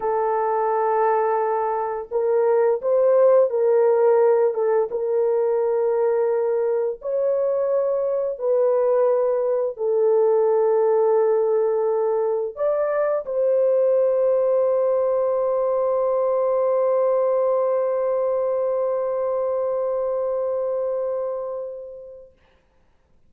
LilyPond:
\new Staff \with { instrumentName = "horn" } { \time 4/4 \tempo 4 = 86 a'2. ais'4 | c''4 ais'4. a'8 ais'4~ | ais'2 cis''2 | b'2 a'2~ |
a'2 d''4 c''4~ | c''1~ | c''1~ | c''1 | }